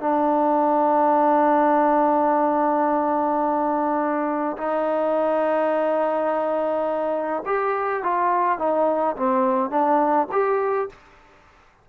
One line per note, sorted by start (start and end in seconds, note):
0.00 4.57 D4
4.57 7.43 D#4
7.46 8.03 G4
8.03 8.58 F4
8.58 9.16 D#4
9.16 9.70 C4
9.70 10.27 D4
10.32 10.89 G4